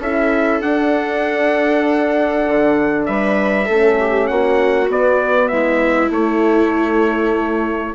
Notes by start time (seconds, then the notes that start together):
0.00 C#4 E4 A4 E5
0.61 D4 F#5
2.47 D3
3.05 G3 B4 E5
3.66 A3 C#4 A4
3.99 G4
4.27 A#3 F#4 F#5
4.89 B3 D5
5.48 G#3 E4 E5
6.10 A3 C#5